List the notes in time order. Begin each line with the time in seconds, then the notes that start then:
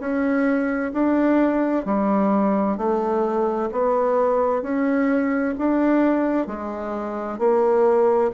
0.00 C#4
0.93 D4
1.85 G3
2.77 A3
3.72 B3
4.62 C#4
5.58 D4
6.47 G#3
7.38 A#3